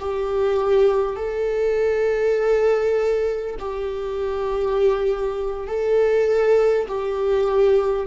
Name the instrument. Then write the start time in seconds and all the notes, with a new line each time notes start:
viola
0.00 G4
1.16 A4
3.59 G4
5.68 A4
6.88 G4